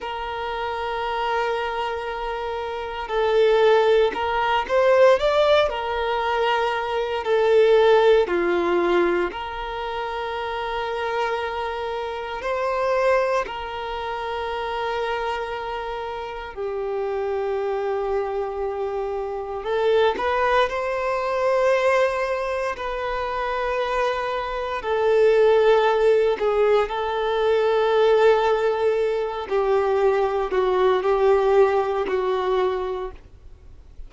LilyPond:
\new Staff \with { instrumentName = "violin" } { \time 4/4 \tempo 4 = 58 ais'2. a'4 | ais'8 c''8 d''8 ais'4. a'4 | f'4 ais'2. | c''4 ais'2. |
g'2. a'8 b'8 | c''2 b'2 | a'4. gis'8 a'2~ | a'8 g'4 fis'8 g'4 fis'4 | }